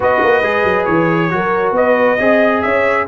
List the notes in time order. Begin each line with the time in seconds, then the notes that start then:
0.00 B3 F#4 B4 D#5
0.22 A#3
0.42 G#3 G#4
0.63 F#3
0.85 E3 C#5
1.30 F#3 F#4 A#4
1.71 B3 B4 D#5
2.18 C4 G#4 D#5
2.61 C#4 C#5 E5